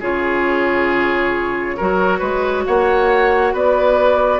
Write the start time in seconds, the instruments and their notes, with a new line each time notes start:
0.00 bassoon C#3, clarinet F4, oboe G#4, flute C#5
1.77 bassoon F#3, clarinet F#4, oboe A#4
2.19 bassoon G#3, oboe B4
2.66 bassoon A#3, oboe C#5, flute F#5
3.53 bassoon B3, oboe B4, flute D5